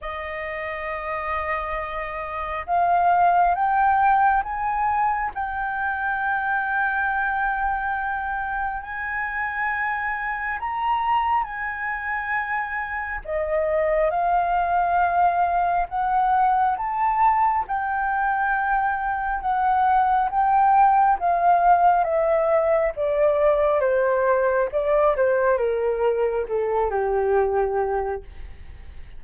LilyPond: \new Staff \with { instrumentName = "flute" } { \time 4/4 \tempo 4 = 68 dis''2. f''4 | g''4 gis''4 g''2~ | g''2 gis''2 | ais''4 gis''2 dis''4 |
f''2 fis''4 a''4 | g''2 fis''4 g''4 | f''4 e''4 d''4 c''4 | d''8 c''8 ais'4 a'8 g'4. | }